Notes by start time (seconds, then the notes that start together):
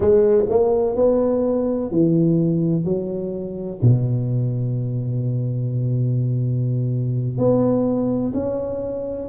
0.00 G#3
0.48 A#3
0.95 B3
1.90 E3
2.84 F#3
3.82 B2
7.38 B3
8.33 C#4